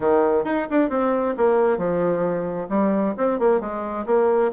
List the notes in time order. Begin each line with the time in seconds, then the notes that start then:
0.00 D#3
0.44 D#4
0.70 D4
0.89 C4
1.37 A#3
1.77 F3
2.69 G3
3.17 C4
3.39 A#3
3.60 G#3
4.06 A#3